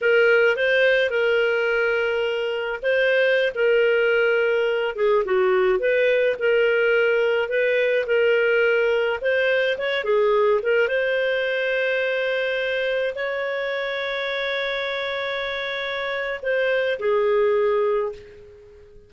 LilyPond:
\new Staff \with { instrumentName = "clarinet" } { \time 4/4 \tempo 4 = 106 ais'4 c''4 ais'2~ | ais'4 c''4~ c''16 ais'4.~ ais'16~ | ais'8. gis'8 fis'4 b'4 ais'8.~ | ais'4~ ais'16 b'4 ais'4.~ ais'16~ |
ais'16 c''4 cis''8 gis'4 ais'8 c''8.~ | c''2.~ c''16 cis''8.~ | cis''1~ | cis''4 c''4 gis'2 | }